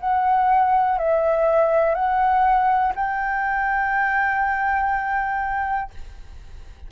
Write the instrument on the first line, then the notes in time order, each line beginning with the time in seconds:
flute
0.00 F#5
0.98 E5
1.94 F#5
2.96 G5